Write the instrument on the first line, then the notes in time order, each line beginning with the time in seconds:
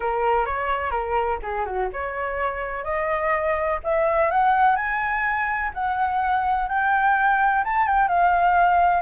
flute
0.00 A#4
0.45 C#5
0.90 A#4
1.42 G#4
1.65 F#4
1.93 C#5
2.84 D#5
3.83 E5
4.31 F#5
4.76 G#5
5.74 F#5
6.68 G5
7.64 A5
7.87 G5
8.08 F5